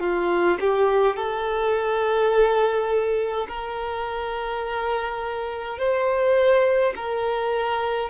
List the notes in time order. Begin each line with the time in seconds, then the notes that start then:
0.00 F4
0.60 G4
1.16 A4
3.48 A#4
5.78 C5
6.96 A#4